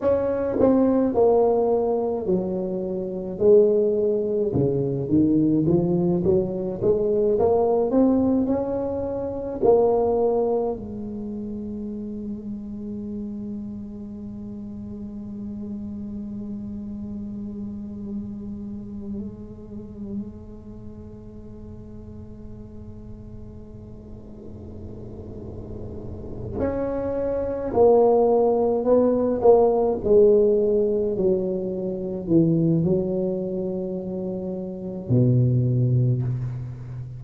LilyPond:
\new Staff \with { instrumentName = "tuba" } { \time 4/4 \tempo 4 = 53 cis'8 c'8 ais4 fis4 gis4 | cis8 dis8 f8 fis8 gis8 ais8 c'8 cis'8~ | cis'8 ais4 gis2~ gis8~ | gis1~ |
gis1~ | gis2.~ gis8 cis'8~ | cis'8 ais4 b8 ais8 gis4 fis8~ | fis8 e8 fis2 b,4 | }